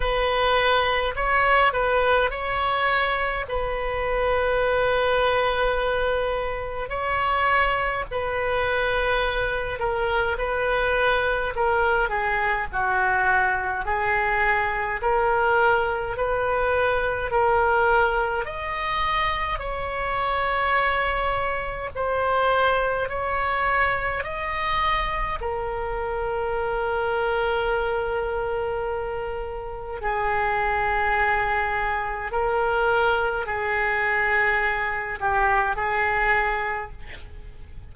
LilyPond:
\new Staff \with { instrumentName = "oboe" } { \time 4/4 \tempo 4 = 52 b'4 cis''8 b'8 cis''4 b'4~ | b'2 cis''4 b'4~ | b'8 ais'8 b'4 ais'8 gis'8 fis'4 | gis'4 ais'4 b'4 ais'4 |
dis''4 cis''2 c''4 | cis''4 dis''4 ais'2~ | ais'2 gis'2 | ais'4 gis'4. g'8 gis'4 | }